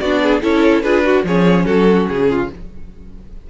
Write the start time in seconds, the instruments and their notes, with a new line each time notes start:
0.00 cello B3, viola D4, violin F#4 D5
0.23 violin G#4
0.42 cello C#4, viola E4, violin A4 C#5
0.82 cello D4, viola F4, violin G#4 B4
1.05 violin F#4, viola F#4
1.24 cello F3, viola C#4, violin G#4 C#5
1.66 cello F#3, violin F#4 A4
2.08 cello C#3, violin G#4
2.30 violin F4